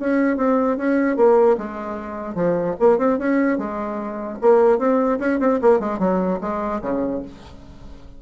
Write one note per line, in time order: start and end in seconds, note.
0.00 0.37 C#4
0.37 0.77 C4
0.78 1.17 C#4
1.17 1.57 A#3
1.58 2.35 G#3
2.35 2.75 F3
2.80 2.99 A#3
2.99 3.19 C4
3.19 3.58 C#4
3.58 4.39 G#3
4.41 4.79 A#3
4.79 5.19 C4
5.20 5.40 C#4
5.40 5.60 C4
5.62 5.80 A#3
5.80 5.99 G#3
5.99 6.40 F#3
6.41 6.82 G#3
6.82 7.22 C#3